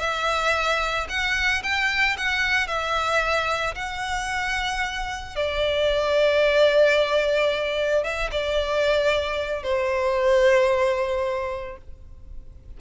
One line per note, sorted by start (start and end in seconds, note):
0.00 1.07 E5
1.09 1.63 F#5
1.63 2.17 G5
2.18 2.68 F#5
2.68 3.75 E5
3.75 5.36 F#5
5.36 8.04 D5
8.04 8.31 E5
8.32 9.63 D5
9.63 11.78 C5